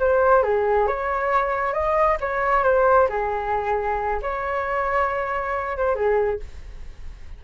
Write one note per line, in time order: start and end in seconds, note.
0.00 0.43 C5
0.43 0.87 G#4
0.88 1.74 C#5
1.74 2.18 D#5
2.21 2.64 C#5
2.64 3.08 C5
3.09 4.21 G#4
4.22 5.78 C#5
5.78 5.95 C5
5.95 6.40 G#4